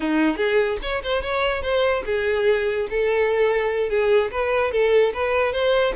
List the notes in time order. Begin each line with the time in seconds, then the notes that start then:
0.00 D#4
0.36 G#4
0.81 C#5
1.03 C5
1.22 C#5
1.62 C5
2.05 G#4
2.90 A4
3.89 G#4
4.31 B4
4.71 A4
5.13 B4
5.52 C5